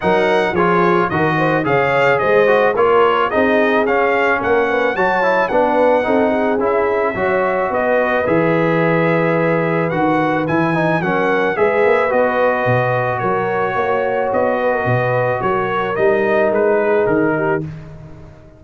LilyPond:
<<
  \new Staff \with { instrumentName = "trumpet" } { \time 4/4 \tempo 4 = 109 fis''4 cis''4 dis''4 f''4 | dis''4 cis''4 dis''4 f''4 | fis''4 a''4 fis''2 | e''2 dis''4 e''4~ |
e''2 fis''4 gis''4 | fis''4 e''4 dis''2 | cis''2 dis''2 | cis''4 dis''4 b'4 ais'4 | }
  \new Staff \with { instrumentName = "horn" } { \time 4/4 ais'4 gis'4 ais'8 c''8 cis''4 | c''4 ais'4 gis'2 | ais'8 b'8 cis''4 b'4 a'8 gis'8~ | gis'4 cis''4 b'2~ |
b'1 | ais'4 b'2. | ais'4 cis''4. b'16 ais'16 b'4 | ais'2~ ais'8 gis'4 g'8 | }
  \new Staff \with { instrumentName = "trombone" } { \time 4/4 dis'4 f'4 fis'4 gis'4~ | gis'8 fis'8 f'4 dis'4 cis'4~ | cis'4 fis'8 e'8 d'4 dis'4 | e'4 fis'2 gis'4~ |
gis'2 fis'4 e'8 dis'8 | cis'4 gis'4 fis'2~ | fis'1~ | fis'4 dis'2. | }
  \new Staff \with { instrumentName = "tuba" } { \time 4/4 fis4 f4 dis4 cis4 | gis4 ais4 c'4 cis'4 | ais4 fis4 b4 c'4 | cis'4 fis4 b4 e4~ |
e2 dis4 e4 | fis4 gis8 ais8 b4 b,4 | fis4 ais4 b4 b,4 | fis4 g4 gis4 dis4 | }
>>